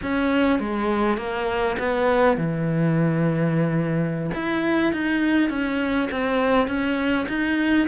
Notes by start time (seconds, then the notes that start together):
0.02 C#4
0.59 G#3
1.17 A#3
1.78 B3
2.37 E3
4.34 E4
4.93 D#4
5.49 C#4
6.11 C4
6.67 C#4
7.28 D#4